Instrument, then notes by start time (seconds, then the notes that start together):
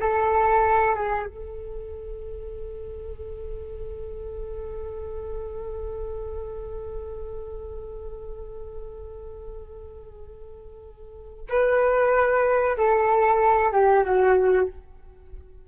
flute
0.00 A4
0.95 G#4
1.26 A4
11.49 B4
12.77 A4
13.72 G4
14.04 F#4